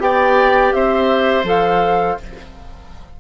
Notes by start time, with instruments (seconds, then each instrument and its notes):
0.00 bassoon B3, clarinet G4, oboe D5, flute G5
0.73 bassoon C4, oboe C5, flute E5
1.44 bassoon F3, clarinet A4, flute F5